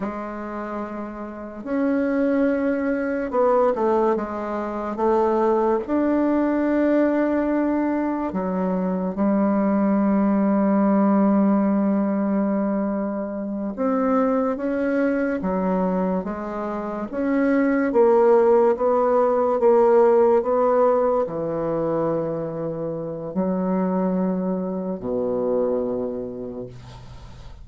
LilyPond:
\new Staff \with { instrumentName = "bassoon" } { \time 4/4 \tempo 4 = 72 gis2 cis'2 | b8 a8 gis4 a4 d'4~ | d'2 fis4 g4~ | g1~ |
g8 c'4 cis'4 fis4 gis8~ | gis8 cis'4 ais4 b4 ais8~ | ais8 b4 e2~ e8 | fis2 b,2 | }